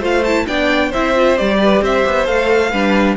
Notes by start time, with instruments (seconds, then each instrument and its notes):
0.00 cello A3, viola F4, violin C5 F5
0.24 viola E4, violin A5
0.47 cello B3, viola D4, violin D5 G5
0.90 viola E4, violin C5 E5
0.96 cello C4
1.15 viola F4
1.37 cello G3, viola G4, violin D5
1.61 violin B4
1.82 cello C4, violin C5 E5
2.06 cello B3
2.26 cello A3, viola A4, violin F5
2.71 cello G3, viola D4, violin B4